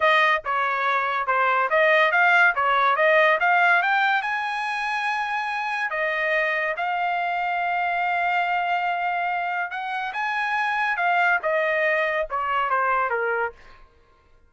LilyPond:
\new Staff \with { instrumentName = "trumpet" } { \time 4/4 \tempo 4 = 142 dis''4 cis''2 c''4 | dis''4 f''4 cis''4 dis''4 | f''4 g''4 gis''2~ | gis''2 dis''2 |
f''1~ | f''2. fis''4 | gis''2 f''4 dis''4~ | dis''4 cis''4 c''4 ais'4 | }